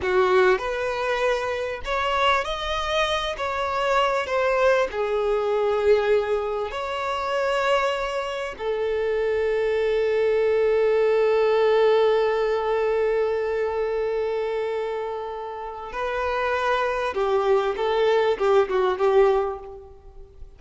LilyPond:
\new Staff \with { instrumentName = "violin" } { \time 4/4 \tempo 4 = 98 fis'4 b'2 cis''4 | dis''4. cis''4. c''4 | gis'2. cis''4~ | cis''2 a'2~ |
a'1~ | a'1~ | a'2 b'2 | g'4 a'4 g'8 fis'8 g'4 | }